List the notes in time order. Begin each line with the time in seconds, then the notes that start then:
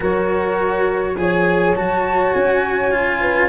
0.00 F#3 F#4 A#4 C#5
1.16 F3 G#4 C#5 G#5
1.75 F#3 F#4 A5
2.32 C#4 G#5
2.91 F4
3.21 B4